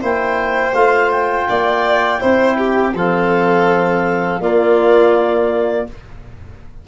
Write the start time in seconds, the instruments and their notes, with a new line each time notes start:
0.00 tuba A#3, trombone E4, violin C5, clarinet G5
0.73 tuba A3, trombone F4, clarinet F5
1.11 clarinet G5
1.48 tuba A#3, violin D5
2.20 tuba C4, trombone E4, violin C5
2.57 violin G4
2.93 tuba F3, trombone C4, violin A4, clarinet F5
4.39 tuba A#3, trombone A#3, violin F4, clarinet D5